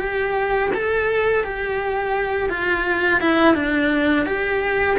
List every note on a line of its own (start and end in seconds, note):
0.00 0.71 G4
0.75 1.44 A4
1.44 2.50 G4
2.50 3.21 F4
3.21 3.55 E4
3.55 4.26 D4
4.26 4.98 G4